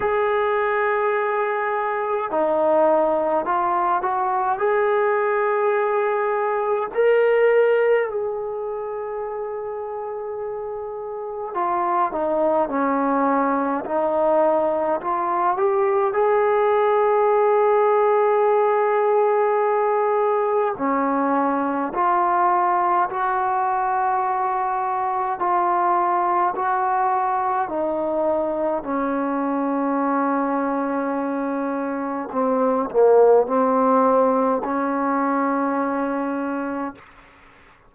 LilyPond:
\new Staff \with { instrumentName = "trombone" } { \time 4/4 \tempo 4 = 52 gis'2 dis'4 f'8 fis'8 | gis'2 ais'4 gis'4~ | gis'2 f'8 dis'8 cis'4 | dis'4 f'8 g'8 gis'2~ |
gis'2 cis'4 f'4 | fis'2 f'4 fis'4 | dis'4 cis'2. | c'8 ais8 c'4 cis'2 | }